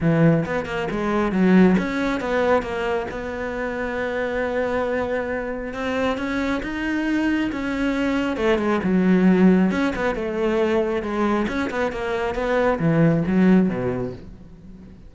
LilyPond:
\new Staff \with { instrumentName = "cello" } { \time 4/4 \tempo 4 = 136 e4 b8 ais8 gis4 fis4 | cis'4 b4 ais4 b4~ | b1~ | b4 c'4 cis'4 dis'4~ |
dis'4 cis'2 a8 gis8 | fis2 cis'8 b8 a4~ | a4 gis4 cis'8 b8 ais4 | b4 e4 fis4 b,4 | }